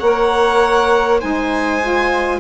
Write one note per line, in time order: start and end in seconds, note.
0.00 1.22 A#3
0.00 1.21 A#4
0.00 1.20 C#5
0.00 1.20 F#5
1.20 2.40 G#3
1.20 1.81 D#4
1.20 2.40 C5
1.20 2.40 G#5
1.82 2.40 F4